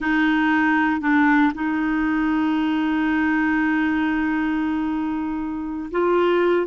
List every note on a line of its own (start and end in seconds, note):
0.00 1.00 D#4
1.00 1.52 D4
1.54 5.90 D#4
5.91 6.66 F4